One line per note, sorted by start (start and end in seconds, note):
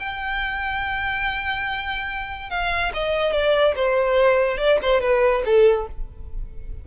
0.00 2.50 G5
2.50 2.92 F5
2.94 3.32 D#5
3.32 3.74 D5
3.76 4.58 C5
4.58 4.79 D5
4.82 5.01 C5
5.01 5.43 B4
5.45 5.87 A4